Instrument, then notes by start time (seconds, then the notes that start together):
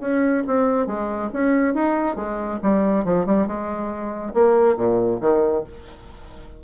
bassoon
0.00 C#4
0.47 C4
0.86 G#3
1.33 C#4
1.74 D#4
2.15 G#3
2.62 G3
3.04 F3
3.26 G3
3.47 G#3
4.33 A#3
4.76 A#2
5.20 D#3